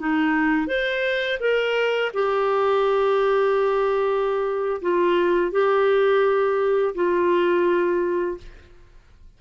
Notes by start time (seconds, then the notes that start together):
0.00 D#4
0.68 C5
1.40 A#4
2.14 G4
4.82 F4
5.52 G4
6.95 F4